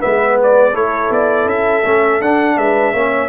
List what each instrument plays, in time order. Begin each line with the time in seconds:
0.00 tuba G#3, trombone B3, horn B4, trumpet E5
0.42 trumpet D5
0.72 tuba A3, trombone E4, horn A4, trumpet C#5
1.10 tuba B3, trumpet D5
1.45 tuba C#4, trumpet E5
1.84 tuba A3, trombone C#4
2.21 tuba D4, trombone D4, trumpet F#5
2.57 tuba G#3, horn B4, trumpet E5
2.93 tuba A#3, trombone C#4, horn C#5